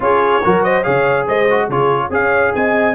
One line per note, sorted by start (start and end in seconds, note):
0.00 0.42 C#4
0.00 0.42 F4
0.00 0.44 G#4
0.00 0.63 C#5
0.44 0.86 F#3
0.44 0.83 F#4
0.44 0.63 A#4
0.63 0.83 C5
0.63 0.83 D#5
0.83 1.28 C#3
0.83 1.46 G#4
0.83 1.26 C#5
0.83 1.25 F5
1.26 1.68 G#3
1.26 1.65 C5
1.26 1.70 D#5
1.49 1.70 F#4
1.65 2.10 C#3
1.65 2.11 F4
1.65 2.07 G#4
1.65 2.12 C#5
2.10 2.52 C#4
2.10 2.94 G#4
2.10 2.54 C#5
2.10 2.55 F5
2.55 2.94 C4
2.55 2.94 D#5
2.55 2.94 G#5